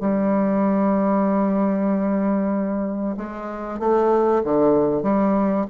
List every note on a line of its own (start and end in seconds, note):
0.00 3.16 G3
3.17 3.79 G#3
3.79 4.42 A3
4.44 5.03 D3
5.03 5.66 G3